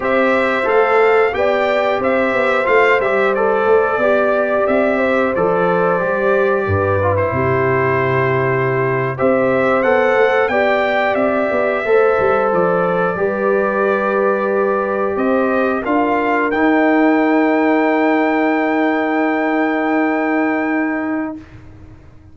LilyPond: <<
  \new Staff \with { instrumentName = "trumpet" } { \time 4/4 \tempo 4 = 90 e''4 f''4 g''4 e''4 | f''8 e''8 d''2 e''4 | d''2~ d''8. c''4~ c''16~ | c''4.~ c''16 e''4 fis''4 g''16~ |
g''8. e''2 d''4~ d''16~ | d''2~ d''8. dis''4 f''16~ | f''8. g''2.~ g''16~ | g''1 | }
  \new Staff \with { instrumentName = "horn" } { \time 4/4 c''2 d''4 c''4~ | c''2 d''4. c''8~ | c''2 b'4 g'4~ | g'4.~ g'16 c''2 d''16~ |
d''4.~ d''16 c''2 b'16~ | b'2~ b'8. c''4 ais'16~ | ais'1~ | ais'1 | }
  \new Staff \with { instrumentName = "trombone" } { \time 4/4 g'4 a'4 g'2 | f'8 g'8 a'4 g'2 | a'4 g'4. f'16 e'4~ e'16~ | e'4.~ e'16 g'4 a'4 g'16~ |
g'4.~ g'16 a'2 g'16~ | g'2.~ g'8. f'16~ | f'8. dis'2.~ dis'16~ | dis'1 | }
  \new Staff \with { instrumentName = "tuba" } { \time 4/4 c'4 a4 b4 c'8 b8 | a8 g4 a8 b4 c'4 | f4 g4 g,4 c4~ | c4.~ c16 c'4 b8 a8 b16~ |
b8. c'8 b8 a8 g8 f4 g16~ | g2~ g8. c'4 d'16~ | d'8. dis'2.~ dis'16~ | dis'1 | }
>>